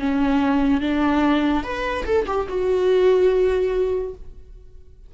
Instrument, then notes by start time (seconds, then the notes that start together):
viola
0.00 C#4
0.81 D4
1.64 B4
2.06 A4
2.27 G4
2.49 F#4